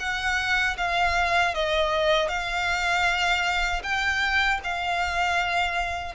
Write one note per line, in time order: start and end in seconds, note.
0.00 0.77 F#5
0.78 1.55 F5
1.55 2.29 D#5
2.29 3.83 F5
3.83 4.60 G5
4.64 6.15 F5